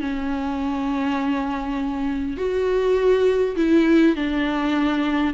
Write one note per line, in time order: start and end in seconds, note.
0.00 2.37 C#4
2.37 3.56 F#4
3.56 4.16 E4
4.16 5.34 D4